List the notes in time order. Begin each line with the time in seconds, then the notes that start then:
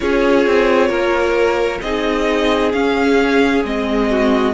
0.00 C#4 F4 G#4 C#5
0.46 C4
0.88 A#3 A#4
1.81 C4 D#4 G#4 D#5
2.72 C#4 F5
3.63 G#3 C4 D#5
4.10 F#4